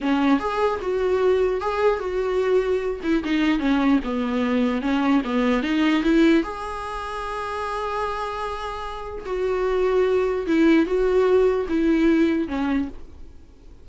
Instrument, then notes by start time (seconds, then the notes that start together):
viola
0.01 C#4
0.39 G#4
0.81 F#4
1.60 G#4
1.99 F#4
3.03 E4
3.23 D#4
3.59 C#4
4.03 B3
4.81 C#4
5.24 B3
5.62 D#4
6.03 E4
6.43 G#4
9.25 F#4
10.47 E4
10.86 F#4
11.68 E4
12.48 C#4